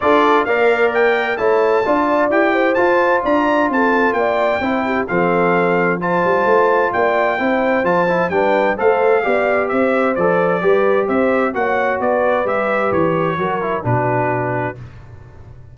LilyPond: <<
  \new Staff \with { instrumentName = "trumpet" } { \time 4/4 \tempo 4 = 130 d''4 f''4 g''4 a''4~ | a''4 g''4 a''4 ais''4 | a''4 g''2 f''4~ | f''4 a''2 g''4~ |
g''4 a''4 g''4 f''4~ | f''4 e''4 d''2 | e''4 fis''4 d''4 e''4 | cis''2 b'2 | }
  \new Staff \with { instrumentName = "horn" } { \time 4/4 a'4 d''2 cis''4 | d''4. c''4. d''4 | a'4 d''4 c''8 g'8 a'4~ | a'4 c''2 d''4 |
c''2 b'4 c''4 | d''4 c''2 b'4 | c''4 cis''4 b'2~ | b'4 ais'4 fis'2 | }
  \new Staff \with { instrumentName = "trombone" } { \time 4/4 f'4 ais'2 e'4 | f'4 g'4 f'2~ | f'2 e'4 c'4~ | c'4 f'2. |
e'4 f'8 e'8 d'4 a'4 | g'2 a'4 g'4~ | g'4 fis'2 g'4~ | g'4 fis'8 e'8 d'2 | }
  \new Staff \with { instrumentName = "tuba" } { \time 4/4 d'4 ais2 a4 | d'4 e'4 f'4 d'4 | c'4 ais4 c'4 f4~ | f4. g8 a4 ais4 |
c'4 f4 g4 a4 | b4 c'4 f4 g4 | c'4 ais4 b4 g4 | e4 fis4 b,2 | }
>>